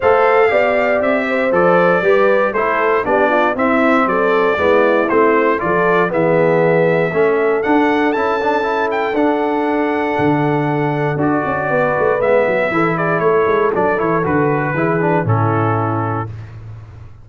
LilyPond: <<
  \new Staff \with { instrumentName = "trumpet" } { \time 4/4 \tempo 4 = 118 f''2 e''4 d''4~ | d''4 c''4 d''4 e''4 | d''2 c''4 d''4 | e''2. fis''4 |
a''4. g''8 fis''2~ | fis''2 d''2 | e''4. d''8 cis''4 d''8 cis''8 | b'2 a'2 | }
  \new Staff \with { instrumentName = "horn" } { \time 4/4 c''4 d''4. c''4. | b'4 a'4 g'8 f'8 e'4 | a'4 e'2 a'4 | gis'2 a'2~ |
a'1~ | a'2. b'4~ | b'4 a'8 gis'8 a'2~ | a'4 gis'4 e'2 | }
  \new Staff \with { instrumentName = "trombone" } { \time 4/4 a'4 g'2 a'4 | g'4 e'4 d'4 c'4~ | c'4 b4 c'4 f'4 | b2 cis'4 d'4 |
e'8 d'8 e'4 d'2~ | d'2 fis'2 | b4 e'2 d'8 e'8 | fis'4 e'8 d'8 cis'2 | }
  \new Staff \with { instrumentName = "tuba" } { \time 4/4 a4 b4 c'4 f4 | g4 a4 b4 c'4 | fis4 gis4 a4 f4 | e2 a4 d'4 |
cis'2 d'2 | d2 d'8 cis'8 b8 a8 | gis8 fis8 e4 a8 gis8 fis8 e8 | d4 e4 a,2 | }
>>